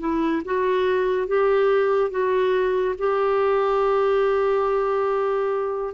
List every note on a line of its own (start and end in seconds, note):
0.00 0.42 E4
0.45 1.28 F#4
1.28 2.11 G4
2.11 2.95 F#4
2.98 5.94 G4